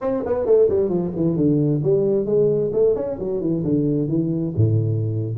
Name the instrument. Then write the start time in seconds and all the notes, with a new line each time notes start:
tuba
0.01 C4
0.25 B3
0.45 A3
0.69 G3
0.89 F3
1.16 E3
1.36 D3
1.83 G3
2.25 G#3
2.73 A3
2.95 C#4
3.19 F#3
3.40 E3
3.64 D3
4.08 E3
4.56 A2